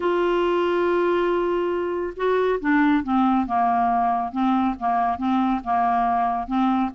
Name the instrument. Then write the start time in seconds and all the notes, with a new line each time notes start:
clarinet
0.00 F4
2.16 F#4
2.60 D4
3.03 C4
3.46 A#3
4.32 C4
4.79 A#3
5.17 C4
5.64 A#3
6.47 C4